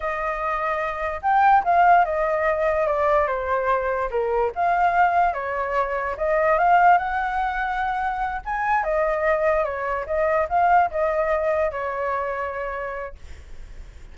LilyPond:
\new Staff \with { instrumentName = "flute" } { \time 4/4 \tempo 4 = 146 dis''2. g''4 | f''4 dis''2 d''4 | c''2 ais'4 f''4~ | f''4 cis''2 dis''4 |
f''4 fis''2.~ | fis''8 gis''4 dis''2 cis''8~ | cis''8 dis''4 f''4 dis''4.~ | dis''8 cis''2.~ cis''8 | }